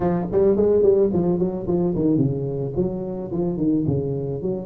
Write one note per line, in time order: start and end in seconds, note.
0.00 0.26 F3
0.32 0.56 G3
0.56 0.82 G#3
0.82 1.09 G3
1.13 1.38 F3
1.38 1.66 F#3
1.67 1.94 F3
1.95 2.17 D#3
2.17 2.72 C#3
2.75 3.31 F#3
3.31 3.57 F3
3.57 3.84 D#3
3.87 4.42 C#3
4.42 4.66 F#3